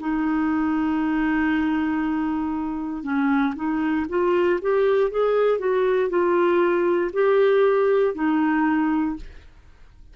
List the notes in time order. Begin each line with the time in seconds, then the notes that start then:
0.00 D#4
3.03 C#4
3.55 D#4
4.09 F4
4.61 G4
5.11 G#4
5.59 F#4
6.10 F4
7.13 G4
8.14 D#4